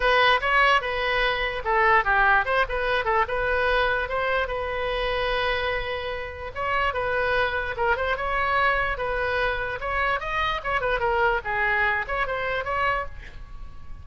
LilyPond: \new Staff \with { instrumentName = "oboe" } { \time 4/4 \tempo 4 = 147 b'4 cis''4 b'2 | a'4 g'4 c''8 b'4 a'8 | b'2 c''4 b'4~ | b'1 |
cis''4 b'2 ais'8 c''8 | cis''2 b'2 | cis''4 dis''4 cis''8 b'8 ais'4 | gis'4. cis''8 c''4 cis''4 | }